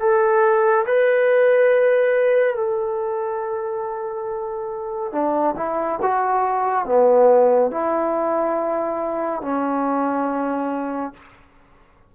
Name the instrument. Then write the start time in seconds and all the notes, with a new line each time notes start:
trombone
0.00 A4
0.86 B4
2.56 A4
5.12 D4
5.57 E4
6.02 F#4
6.85 B3
7.71 E4
9.42 C#4